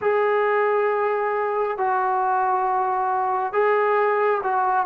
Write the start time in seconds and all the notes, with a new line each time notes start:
0.01 G#4
1.77 F#4
3.53 G#4
4.43 F#4